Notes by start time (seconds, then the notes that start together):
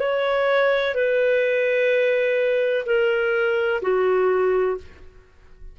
0.00 C#5
0.95 B4
2.86 A#4
3.82 F#4